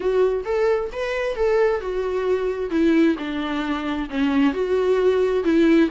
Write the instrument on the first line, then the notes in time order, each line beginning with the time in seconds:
viola
0.00 F#4
0.44 A4
0.92 B4
1.35 A4
1.80 F#4
2.70 E4
3.18 D4
4.09 C#4
4.53 F#4
5.43 E4